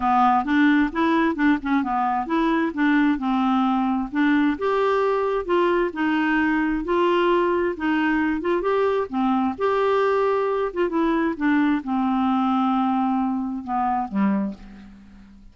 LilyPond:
\new Staff \with { instrumentName = "clarinet" } { \time 4/4 \tempo 4 = 132 b4 d'4 e'4 d'8 cis'8 | b4 e'4 d'4 c'4~ | c'4 d'4 g'2 | f'4 dis'2 f'4~ |
f'4 dis'4. f'8 g'4 | c'4 g'2~ g'8 f'8 | e'4 d'4 c'2~ | c'2 b4 g4 | }